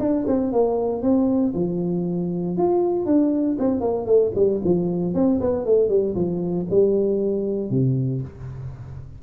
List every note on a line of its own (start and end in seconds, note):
0.00 0.26 D4
0.27 0.52 C4
0.52 1.03 A#3
1.03 1.54 C4
1.55 2.57 F3
2.57 3.06 F4
3.06 3.57 D4
3.59 3.81 C4
3.81 4.06 A#3
4.06 4.32 A3
4.35 4.61 G3
4.64 5.14 F3
5.14 5.40 C4
5.41 5.66 B3
5.66 5.89 A3
5.89 6.15 G3
6.15 6.66 F3
6.71 7.70 G3
7.70 8.22 C3